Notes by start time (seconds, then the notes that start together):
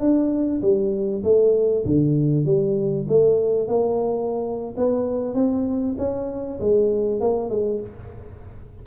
0.00 D4
0.62 G3
1.24 A3
1.85 D3
2.45 G3
3.08 A3
3.68 A#3
4.77 B3
5.34 C4
5.98 C#4
6.60 G#3
7.20 A#3
7.49 G#3